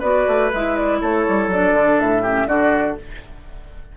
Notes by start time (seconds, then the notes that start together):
0.00 B3 F#4 B4 D5
0.28 A3
0.53 G#3 E4 E5
0.77 D5
1.02 A3 A4 C#5
1.29 G3
1.48 F#3 D4 D5
1.74 D3
2.00 A2 E5
2.23 C#4 G4
2.48 D3 D4 F#4 D5